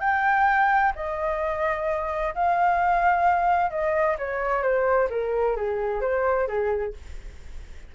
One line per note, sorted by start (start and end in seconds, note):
0.00 0.92 G5
0.95 2.34 D#5
2.34 3.70 F5
3.70 4.16 D#5
4.18 4.62 C#5
4.62 5.08 C5
5.10 5.56 A#4
5.56 6.01 G#4
6.01 6.47 C5
6.47 6.93 G#4